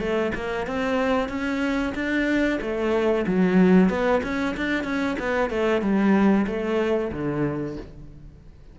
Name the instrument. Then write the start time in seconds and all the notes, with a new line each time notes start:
cello
0.00 A3
0.35 A#3
0.67 C4
1.29 C#4
1.95 D4
2.61 A3
3.27 F#3
3.90 B3
4.23 C#4
4.57 D4
4.84 C#4
5.19 B3
5.50 A3
5.82 G3
6.47 A3
7.12 D3